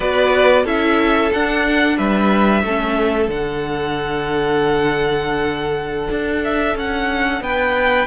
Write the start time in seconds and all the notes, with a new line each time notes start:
0.00 B3 F#4 B4 D5
0.64 C#4 E4 A4 E5
1.33 D4 F#5
1.97 G3 B4 E5
2.62 A3 C#4 A4
3.28 D3 D4 F#5
6.10 D4
6.43 E5
6.75 C#4 F#5
7.40 B3 B4 G5